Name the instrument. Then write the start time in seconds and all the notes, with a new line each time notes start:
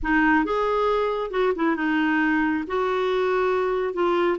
clarinet
0.02 D#4
0.45 G#4
1.30 F#4
1.55 E4
1.76 D#4
2.67 F#4
3.93 F4